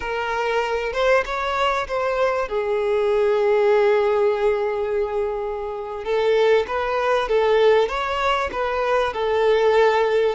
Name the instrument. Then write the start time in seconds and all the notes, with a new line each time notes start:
violin
0.00 A#4
0.93 C5
1.25 C#5
1.87 C5
2.48 G#4
6.04 A4
6.67 B4
7.28 A4
7.88 C#5
8.52 B4
9.13 A4